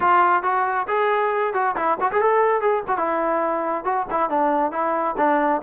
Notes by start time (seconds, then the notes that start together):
0.00 F4
0.42 F#4
0.87 G#4
1.53 F#4
1.76 E4
2.00 F#4
2.12 G#4
2.21 A4
2.61 G#4
2.87 F#4
2.97 E4
3.84 F#4
4.10 E4
4.29 D4
4.71 E4
5.17 D4